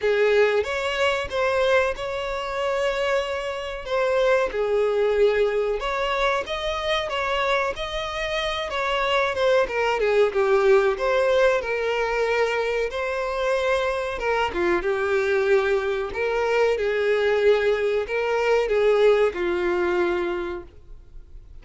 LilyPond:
\new Staff \with { instrumentName = "violin" } { \time 4/4 \tempo 4 = 93 gis'4 cis''4 c''4 cis''4~ | cis''2 c''4 gis'4~ | gis'4 cis''4 dis''4 cis''4 | dis''4. cis''4 c''8 ais'8 gis'8 |
g'4 c''4 ais'2 | c''2 ais'8 f'8 g'4~ | g'4 ais'4 gis'2 | ais'4 gis'4 f'2 | }